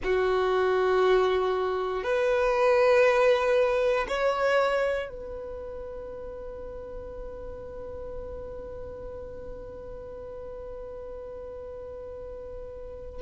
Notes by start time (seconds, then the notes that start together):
0.03 F#4
2.03 B4
4.08 C#5
5.09 B4